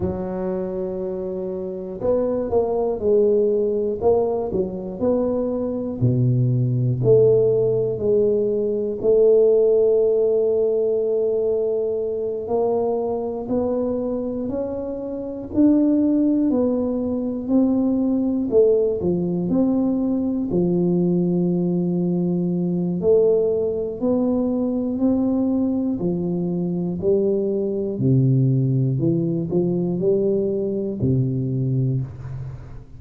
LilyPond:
\new Staff \with { instrumentName = "tuba" } { \time 4/4 \tempo 4 = 60 fis2 b8 ais8 gis4 | ais8 fis8 b4 b,4 a4 | gis4 a2.~ | a8 ais4 b4 cis'4 d'8~ |
d'8 b4 c'4 a8 f8 c'8~ | c'8 f2~ f8 a4 | b4 c'4 f4 g4 | c4 e8 f8 g4 c4 | }